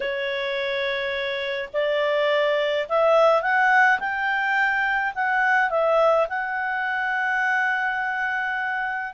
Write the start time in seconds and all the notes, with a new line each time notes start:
0.00 C#5
1.73 D5
2.88 E5
3.42 F#5
3.99 G5
5.14 F#5
5.70 E5
6.29 F#5